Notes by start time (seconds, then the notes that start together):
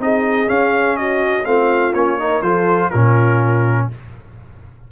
0.00 C4 D#4 G#4 D#5
0.47 C#4 F5
0.97 F#4 D#5
1.45 A3 C4 F4 F5
1.94 A#3 C#4 C#5
2.19 D#4 A#4
2.42 F3 F4 A4 C5
2.90 A#2 C#4 F4 A#4